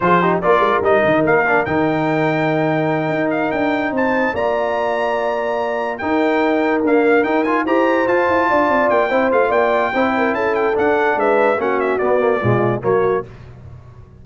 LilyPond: <<
  \new Staff \with { instrumentName = "trumpet" } { \time 4/4 \tempo 4 = 145 c''4 d''4 dis''4 f''4 | g''1 | f''8 g''4 a''4 ais''4.~ | ais''2~ ais''8 g''4.~ |
g''8 f''4 g''8 gis''8 ais''4 a''8~ | a''4. g''4 f''8 g''4~ | g''4 a''8 g''8 fis''4 e''4 | fis''8 e''8 d''2 cis''4 | }
  \new Staff \with { instrumentName = "horn" } { \time 4/4 gis'8 g'8 ais'2.~ | ais'1~ | ais'4. c''4 d''4.~ | d''2~ d''8 ais'4.~ |
ais'2~ ais'8 c''4.~ | c''8 d''4. c''4 d''4 | c''8 ais'8 a'2 b'4 | fis'2 f'4 fis'4 | }
  \new Staff \with { instrumentName = "trombone" } { \time 4/4 f'8 dis'8 f'4 dis'4. d'8 | dis'1~ | dis'2~ dis'8 f'4.~ | f'2~ f'8 dis'4.~ |
dis'8 ais4 dis'8 f'8 g'4 f'8~ | f'2 e'8 f'4. | e'2 d'2 | cis'4 b8 ais8 gis4 ais4 | }
  \new Staff \with { instrumentName = "tuba" } { \time 4/4 f4 ais8 gis8 g8 dis8 ais4 | dis2.~ dis8 dis'8~ | dis'8 d'4 c'4 ais4.~ | ais2~ ais8 dis'4.~ |
dis'8 d'4 dis'4 e'4 f'8 | e'8 d'8 c'8 ais8 c'8 a8 ais4 | c'4 cis'4 d'4 gis4 | ais4 b4 b,4 fis4 | }
>>